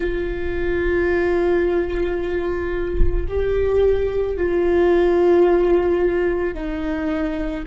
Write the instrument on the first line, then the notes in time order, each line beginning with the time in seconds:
viola
0.00 F4
3.28 G4
4.37 F4
6.54 D#4